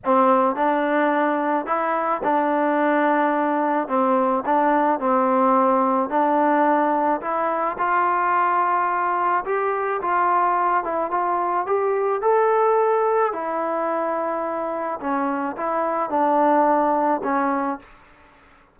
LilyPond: \new Staff \with { instrumentName = "trombone" } { \time 4/4 \tempo 4 = 108 c'4 d'2 e'4 | d'2. c'4 | d'4 c'2 d'4~ | d'4 e'4 f'2~ |
f'4 g'4 f'4. e'8 | f'4 g'4 a'2 | e'2. cis'4 | e'4 d'2 cis'4 | }